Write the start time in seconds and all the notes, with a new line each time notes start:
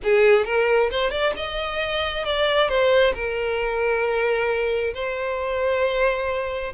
0.03 G#4
0.45 A#4
0.90 C5
1.11 D5
1.36 D#5
2.24 D5
2.68 C5
3.14 A#4
4.94 C5